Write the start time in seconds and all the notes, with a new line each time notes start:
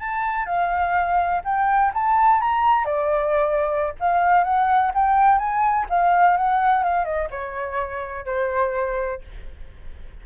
0.00 A5
0.46 F5
1.44 G5
1.94 A5
2.41 A#5
2.86 D5
4.00 F5
4.44 F#5
4.95 G5
5.39 G#5
5.90 F5
6.37 F#5
6.84 F5
7.05 D#5
7.31 C#5
8.26 C5